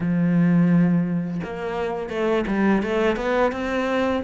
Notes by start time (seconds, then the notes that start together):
0.00 F3
1.43 A#3
2.09 A3
2.47 G3
2.82 A3
3.16 B3
3.52 C4